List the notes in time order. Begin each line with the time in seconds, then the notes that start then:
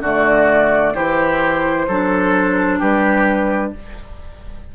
0.00 D3 A3 F#4 D5
0.94 E3 E4 G4 C5
1.88 F#3 D4 A4
2.80 G3 G4 B4